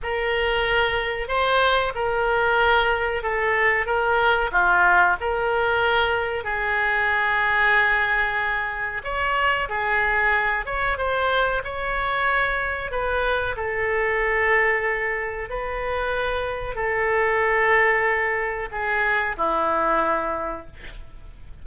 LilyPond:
\new Staff \with { instrumentName = "oboe" } { \time 4/4 \tempo 4 = 93 ais'2 c''4 ais'4~ | ais'4 a'4 ais'4 f'4 | ais'2 gis'2~ | gis'2 cis''4 gis'4~ |
gis'8 cis''8 c''4 cis''2 | b'4 a'2. | b'2 a'2~ | a'4 gis'4 e'2 | }